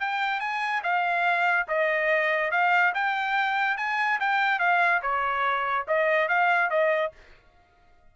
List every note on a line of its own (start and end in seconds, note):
0.00 0.40 G5
0.40 0.82 G#5
0.83 1.67 F5
1.68 2.51 D#5
2.51 2.93 F5
2.94 3.77 G5
3.77 4.19 G#5
4.20 4.59 G5
4.59 5.01 F5
5.02 5.86 C#5
5.88 6.28 D#5
6.28 6.70 F5
6.70 7.12 D#5